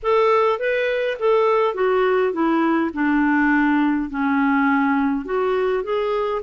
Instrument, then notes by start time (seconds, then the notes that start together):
clarinet
0.02 A4
0.59 B4
1.19 A4
1.74 F#4
2.32 E4
2.93 D4
4.10 C#4
5.25 F#4
5.83 G#4